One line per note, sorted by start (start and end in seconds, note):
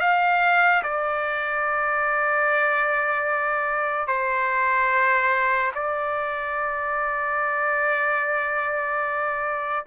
0.00 0.82 F5
0.83 4.07 D5
4.07 5.72 C5
5.75 9.86 D5